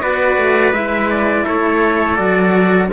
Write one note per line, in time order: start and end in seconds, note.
0.00 0.37 B3
0.00 0.72 F#4
0.00 1.44 B4
0.00 0.73 D5
0.37 0.73 A3
0.73 1.45 G#3
0.73 2.16 E4
0.73 1.09 E5
1.10 1.46 D5
1.44 2.18 A3
1.44 2.88 A4
1.44 2.16 C#5
2.16 2.90 F#3
2.16 2.88 F#4
2.16 2.88 D5